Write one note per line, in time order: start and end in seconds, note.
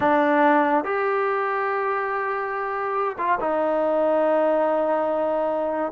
0.00 0.84 D4
0.84 3.16 G4
3.17 3.38 F4
3.40 5.92 D#4